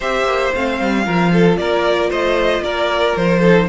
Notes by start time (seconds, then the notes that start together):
0.00 C4 G4 C5 E5
0.23 A#3
0.54 A3 C4 F5
0.80 G3
1.04 F3 F4 A#4
1.32 A4
1.57 A#3 A#4 D5
2.09 A3 C5 D#5
2.60 A#3 A#4 D5
3.16 F3 C5
3.39 D#4 A4